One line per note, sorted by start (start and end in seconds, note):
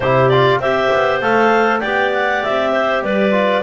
0.00 0.58 C3
0.00 0.31 E4
0.00 0.60 G4
0.00 0.29 C5
0.29 0.62 F4
0.29 0.59 D5
0.58 0.88 C4
0.58 1.21 G4
0.58 1.80 C5
0.58 1.20 E5
0.93 1.21 B3
1.21 1.82 A3
1.21 1.82 A4
1.21 1.79 F5
1.79 2.44 B3
1.79 3.31 G4
1.79 2.71 D5
1.79 2.09 G5
2.13 2.43 F#5
2.43 3.02 C4
2.43 3.03 E5
2.72 3.02 C5
3.02 3.62 G3
3.02 3.63 B4
3.02 3.63 D5
3.31 3.61 F4